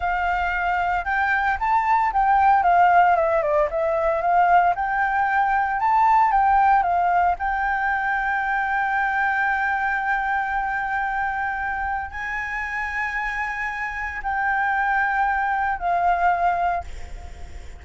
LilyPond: \new Staff \with { instrumentName = "flute" } { \time 4/4 \tempo 4 = 114 f''2 g''4 a''4 | g''4 f''4 e''8 d''8 e''4 | f''4 g''2 a''4 | g''4 f''4 g''2~ |
g''1~ | g''2. gis''4~ | gis''2. g''4~ | g''2 f''2 | }